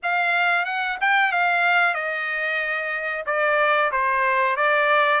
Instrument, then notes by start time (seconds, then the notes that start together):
trumpet
0.02 F5
0.65 F#5
1.00 G5
1.32 F5
1.94 D#5
3.26 D5
3.91 C5
4.56 D5